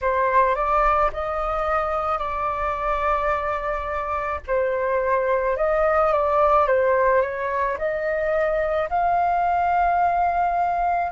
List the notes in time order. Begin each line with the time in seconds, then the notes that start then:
0.01 C5
0.55 D5
1.12 D#5
2.18 D5
4.47 C5
5.56 D#5
6.12 D5
6.67 C5
7.21 C#5
7.78 D#5
8.89 F5